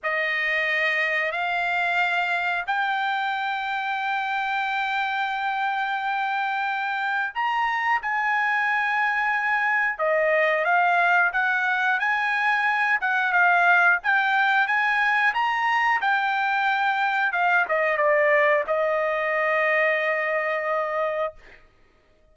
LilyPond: \new Staff \with { instrumentName = "trumpet" } { \time 4/4 \tempo 4 = 90 dis''2 f''2 | g''1~ | g''2. ais''4 | gis''2. dis''4 |
f''4 fis''4 gis''4. fis''8 | f''4 g''4 gis''4 ais''4 | g''2 f''8 dis''8 d''4 | dis''1 | }